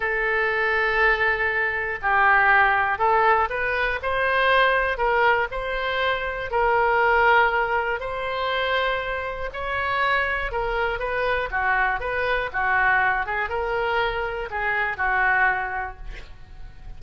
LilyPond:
\new Staff \with { instrumentName = "oboe" } { \time 4/4 \tempo 4 = 120 a'1 | g'2 a'4 b'4 | c''2 ais'4 c''4~ | c''4 ais'2. |
c''2. cis''4~ | cis''4 ais'4 b'4 fis'4 | b'4 fis'4. gis'8 ais'4~ | ais'4 gis'4 fis'2 | }